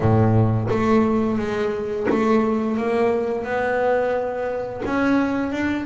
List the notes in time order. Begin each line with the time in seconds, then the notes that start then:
0.00 A2
0.70 A3
1.38 G#3
2.10 A3
2.77 A#3
3.44 B3
4.85 C#4
5.52 D4